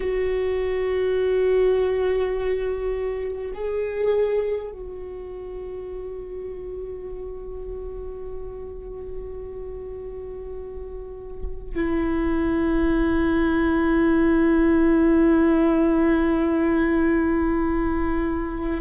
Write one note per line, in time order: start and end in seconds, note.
0.00 3.51 F#4
3.53 4.71 G#4
4.71 11.75 F#4
11.75 18.80 E4